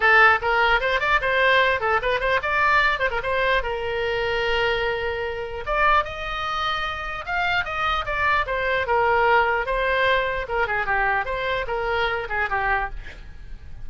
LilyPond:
\new Staff \with { instrumentName = "oboe" } { \time 4/4 \tempo 4 = 149 a'4 ais'4 c''8 d''8 c''4~ | c''8 a'8 b'8 c''8 d''4. c''16 ais'16 | c''4 ais'2.~ | ais'2 d''4 dis''4~ |
dis''2 f''4 dis''4 | d''4 c''4 ais'2 | c''2 ais'8 gis'8 g'4 | c''4 ais'4. gis'8 g'4 | }